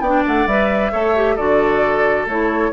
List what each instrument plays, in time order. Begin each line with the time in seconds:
0.00 bassoon B3, clarinet D4, oboe D5, flute G5
0.27 bassoon A3, flute F#5
0.47 bassoon G3, clarinet B4, flute E5
0.91 bassoon A3, clarinet A4, oboe C#5
1.16 clarinet G4
1.35 bassoon D3, clarinet F#4, oboe A4, flute D5
2.25 bassoon A3, clarinet E4, flute C#5